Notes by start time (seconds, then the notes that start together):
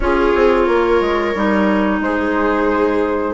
0.00 C#4 F4 G#4 C#5
0.35 C4
0.65 A#3 A#4
1.00 G#3
1.34 G3 D#4
2.00 G#3 G#4 C5